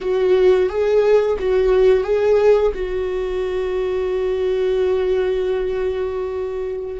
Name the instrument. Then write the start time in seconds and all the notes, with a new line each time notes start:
viola
0.01 F#4
0.69 G#4
1.39 F#4
2.03 G#4
2.74 F#4